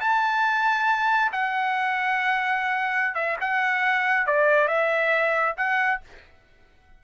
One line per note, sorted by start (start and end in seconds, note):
0.00 1.31 A5
1.32 3.14 F#5
3.14 3.36 E5
3.40 4.26 F#5
4.26 4.68 D5
4.68 5.55 E5
5.57 6.01 F#5